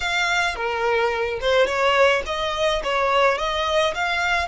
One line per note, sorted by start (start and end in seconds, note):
0.00 0.55 F5
0.55 1.39 A#4
1.40 1.66 C5
1.66 2.22 C#5
2.26 2.82 D#5
2.83 3.38 C#5
3.38 3.94 D#5
3.94 4.47 F5